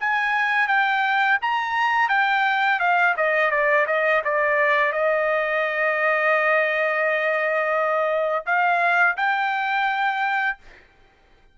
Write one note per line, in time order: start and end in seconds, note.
0.00 0.67 G#5
0.67 1.38 G5
1.41 2.09 A#5
2.09 2.79 G5
2.79 3.14 F5
3.16 3.51 D#5
3.51 3.86 D5
3.87 4.22 D#5
4.24 4.92 D5
4.92 8.45 D#5
8.45 9.16 F5
9.16 10.58 G5